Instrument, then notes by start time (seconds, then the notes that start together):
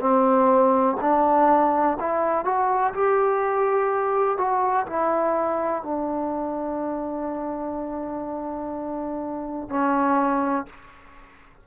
trombone
0.00 C4
1.01 D4
2.00 E4
2.45 F#4
2.94 G4
4.38 F#4
4.87 E4
5.83 D4
9.69 C#4